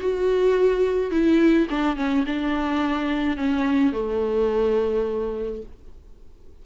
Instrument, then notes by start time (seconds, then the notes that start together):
viola
0.00 F#4
1.11 E4
1.70 D4
1.97 C#4
2.26 D4
3.37 C#4
3.93 A3